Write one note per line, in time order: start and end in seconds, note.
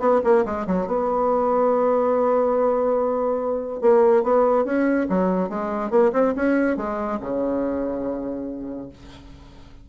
0.00 0.21 B3
0.24 0.45 A#3
0.46 0.67 G#3
0.67 0.87 F#3
0.87 3.82 B3
3.82 4.23 A#3
4.23 4.65 B3
4.65 5.07 C#4
5.09 5.50 F#3
5.50 5.91 G#3
5.91 6.12 A#3
6.13 6.34 C4
6.36 6.77 C#4
6.77 7.19 G#3
7.21 8.90 C#3